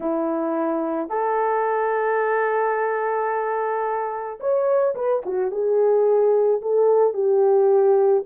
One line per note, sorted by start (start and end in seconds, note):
0.00 1.09 E4
1.09 4.39 A4
4.39 4.94 C#5
4.95 5.22 B4
5.25 5.51 F#4
5.51 6.61 G#4
6.61 7.13 A4
7.13 8.23 G4